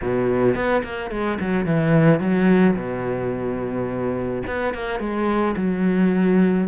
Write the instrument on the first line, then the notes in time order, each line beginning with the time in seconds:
cello
0.01 B2
0.55 B3
0.83 A#3
1.10 G#3
1.39 F#3
1.65 E3
2.20 F#3
2.76 B2
4.46 B3
4.73 A#3
4.99 G#3
5.56 F#3